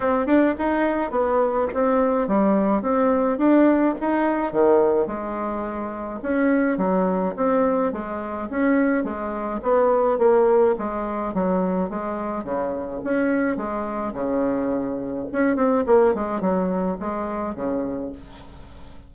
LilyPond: \new Staff \with { instrumentName = "bassoon" } { \time 4/4 \tempo 4 = 106 c'8 d'8 dis'4 b4 c'4 | g4 c'4 d'4 dis'4 | dis4 gis2 cis'4 | fis4 c'4 gis4 cis'4 |
gis4 b4 ais4 gis4 | fis4 gis4 cis4 cis'4 | gis4 cis2 cis'8 c'8 | ais8 gis8 fis4 gis4 cis4 | }